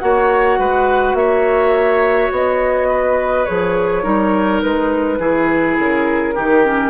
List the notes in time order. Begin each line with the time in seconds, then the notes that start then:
0.00 A#3 F#4 C#5 F#5
0.59 G#3 B4
1.14 A#3 C#5 E5
2.31 B3 D#5
2.89 B4
3.45 F3 G#4 C#5
4.03 G3 D#4 A#4
4.62 G#3 B4
5.19 E3 E4 G#4
5.79 C#3 A#4
6.35 D#3 D#4 G4
6.65 C#4